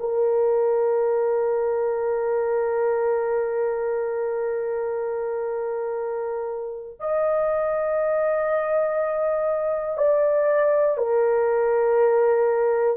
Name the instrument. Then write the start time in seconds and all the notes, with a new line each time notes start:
horn
0.00 A#4
7.00 D#5
9.97 D5
10.98 A#4